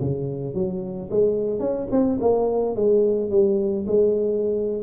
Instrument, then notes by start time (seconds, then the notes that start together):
tuba
0.00 C#3
0.54 F#3
1.10 G#3
1.59 C#4
1.91 C4
2.20 A#3
2.75 G#3
3.30 G3
3.87 G#3